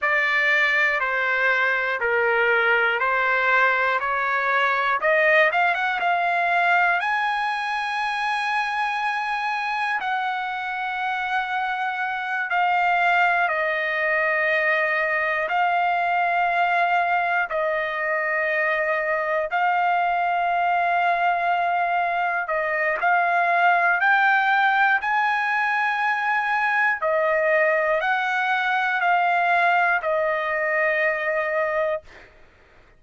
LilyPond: \new Staff \with { instrumentName = "trumpet" } { \time 4/4 \tempo 4 = 60 d''4 c''4 ais'4 c''4 | cis''4 dis''8 f''16 fis''16 f''4 gis''4~ | gis''2 fis''2~ | fis''8 f''4 dis''2 f''8~ |
f''4. dis''2 f''8~ | f''2~ f''8 dis''8 f''4 | g''4 gis''2 dis''4 | fis''4 f''4 dis''2 | }